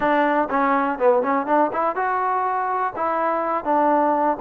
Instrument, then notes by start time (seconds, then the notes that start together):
trombone
0.00 D4
0.50 C#4
0.98 B3
1.22 C#4
1.46 D4
1.73 E4
1.95 F#4
2.96 E4
3.64 D4